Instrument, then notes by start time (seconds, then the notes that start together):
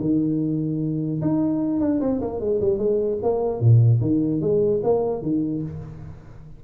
tuba
0.00 D#3
1.21 D#4
1.80 D4
2.00 C4
2.21 A#3
2.40 G#3
2.60 G3
2.78 G#3
3.22 A#3
3.60 A#2
4.01 D#3
4.41 G#3
4.83 A#3
5.22 D#3